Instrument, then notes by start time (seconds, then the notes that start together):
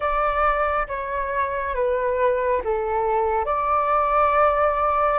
flute
0.00 D5
0.87 C#5
1.74 B4
2.64 A4
3.45 D5